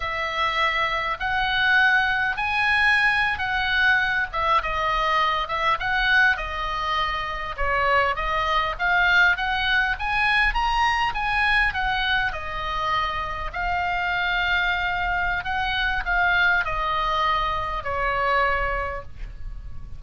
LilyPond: \new Staff \with { instrumentName = "oboe" } { \time 4/4 \tempo 4 = 101 e''2 fis''2 | gis''4.~ gis''16 fis''4. e''8 dis''16~ | dis''4~ dis''16 e''8 fis''4 dis''4~ dis''16~ | dis''8. cis''4 dis''4 f''4 fis''16~ |
fis''8. gis''4 ais''4 gis''4 fis''16~ | fis''8. dis''2 f''4~ f''16~ | f''2 fis''4 f''4 | dis''2 cis''2 | }